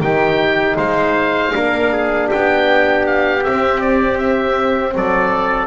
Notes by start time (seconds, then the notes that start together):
0.00 D#3 D#4 G4 G5
0.77 G#3 C5 F5
1.53 A#3 D4 A#4
1.93 G#4
2.28 G4 G5
2.34 B3
3.07 F5
3.44 C4 E5
3.81 D5
4.18 E5
4.95 F#3 A4 D5